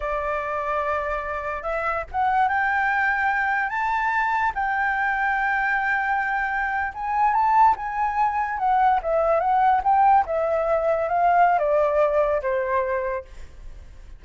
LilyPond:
\new Staff \with { instrumentName = "flute" } { \time 4/4 \tempo 4 = 145 d''1 | e''4 fis''4 g''2~ | g''4 a''2 g''4~ | g''1~ |
g''8. gis''4 a''4 gis''4~ gis''16~ | gis''8. fis''4 e''4 fis''4 g''16~ | g''8. e''2 f''4~ f''16 | d''2 c''2 | }